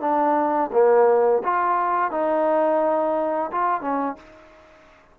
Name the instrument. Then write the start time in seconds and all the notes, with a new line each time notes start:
trombone
0.00 D4
0.72 A#3
1.43 F4
2.11 D#4
3.51 F4
3.81 C#4